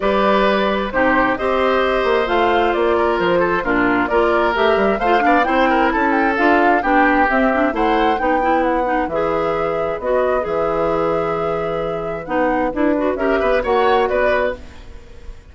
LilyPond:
<<
  \new Staff \with { instrumentName = "flute" } { \time 4/4 \tempo 4 = 132 d''2 c''4 dis''4~ | dis''4 f''4 d''4 c''4 | ais'4 d''4 e''4 f''4 | g''4 a''8 g''8 f''4 g''4 |
e''4 fis''4 g''4 fis''4 | e''2 dis''4 e''4~ | e''2. fis''4 | b'4 e''4 fis''4 d''4 | }
  \new Staff \with { instrumentName = "oboe" } { \time 4/4 b'2 g'4 c''4~ | c''2~ c''8 ais'4 a'8 | f'4 ais'2 c''8 d''8 | c''8 ais'8 a'2 g'4~ |
g'4 c''4 b'2~ | b'1~ | b'1~ | b'4 ais'8 b'8 cis''4 b'4 | }
  \new Staff \with { instrumentName = "clarinet" } { \time 4/4 g'2 dis'4 g'4~ | g'4 f'2. | d'4 f'4 g'4 f'8 d'8 | e'2 f'4 d'4 |
c'8 d'8 e'4 dis'8 e'4 dis'8 | gis'2 fis'4 gis'4~ | gis'2. dis'4 | e'8 fis'8 g'4 fis'2 | }
  \new Staff \with { instrumentName = "bassoon" } { \time 4/4 g2 c4 c'4~ | c'8 ais8 a4 ais4 f4 | ais,4 ais4 a8 g8 a8 b8 | c'4 cis'4 d'4 b4 |
c'4 a4 b2 | e2 b4 e4~ | e2. b4 | d'4 cis'8 b8 ais4 b4 | }
>>